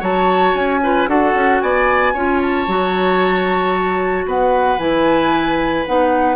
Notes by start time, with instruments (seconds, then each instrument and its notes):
0.00 bassoon F#3, clarinet F#4, oboe C#5, flute A5
0.54 bassoon C#4, flute G#5
0.83 clarinet F4, oboe B4
1.07 bassoon D4, clarinet F#4, oboe A4, flute F#5
1.34 bassoon C#4
1.61 bassoon B3, oboe D5, flute G#5
2.13 bassoon C#4, clarinet F4, oboe C#5
2.42 flute A5
2.67 bassoon F#3, clarinet F#4
4.26 bassoon B3, oboe B4, flute F#5
4.78 bassoon E3, clarinet E4, flute G#5
5.86 bassoon B3, clarinet D#4, flute F#5